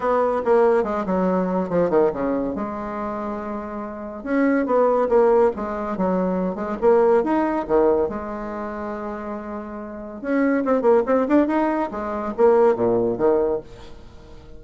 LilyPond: \new Staff \with { instrumentName = "bassoon" } { \time 4/4 \tempo 4 = 141 b4 ais4 gis8 fis4. | f8 dis8 cis4 gis2~ | gis2 cis'4 b4 | ais4 gis4 fis4. gis8 |
ais4 dis'4 dis4 gis4~ | gis1 | cis'4 c'8 ais8 c'8 d'8 dis'4 | gis4 ais4 ais,4 dis4 | }